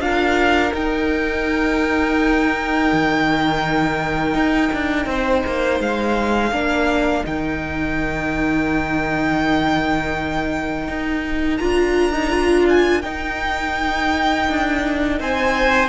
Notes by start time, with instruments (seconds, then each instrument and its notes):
0.00 cello D4, viola F4, violin A#4 F5
0.72 viola D#4, cello D#4, violin G5
2.92 cello D#3
4.34 cello D#4
4.73 cello D4
5.06 cello C4, violin C5
5.46 cello A#3
5.80 cello G#3, violin F5
6.51 cello A#3, viola D4, violin A#4
7.24 cello D#3, viola D#4, violin G5
10.88 cello D#4
11.57 cello D4, viola F4, violin A#5
12.12 viola D#4
12.30 viola F4
12.69 violin G#5
13.02 cello D#4, viola D#4, violin G5
14.49 cello D4
15.20 cello C4, violin C5 G#5